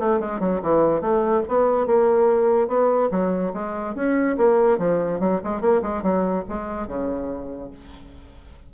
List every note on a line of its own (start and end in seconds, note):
0.00 0.20 A3
0.20 0.40 G#3
0.40 0.61 F#3
0.62 1.02 E3
1.02 1.43 A3
1.48 1.87 B3
1.87 2.68 A#3
2.68 3.10 B3
3.11 3.53 F#3
3.54 3.95 G#3
3.95 4.37 C#4
4.38 4.79 A#3
4.79 5.20 F3
5.20 5.41 F#3
5.44 5.62 G#3
5.62 5.82 A#3
5.83 6.03 G#3
6.03 6.45 F#3
6.49 6.88 G#3
6.88 7.71 C#3